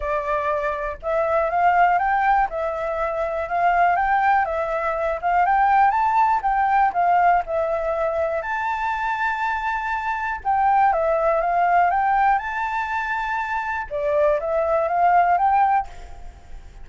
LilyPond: \new Staff \with { instrumentName = "flute" } { \time 4/4 \tempo 4 = 121 d''2 e''4 f''4 | g''4 e''2 f''4 | g''4 e''4. f''8 g''4 | a''4 g''4 f''4 e''4~ |
e''4 a''2.~ | a''4 g''4 e''4 f''4 | g''4 a''2. | d''4 e''4 f''4 g''4 | }